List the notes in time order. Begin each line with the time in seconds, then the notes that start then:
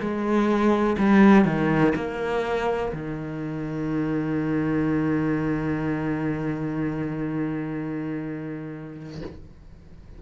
0.00 G#3
0.99 G3
1.45 D#3
1.95 A#3
2.93 D#3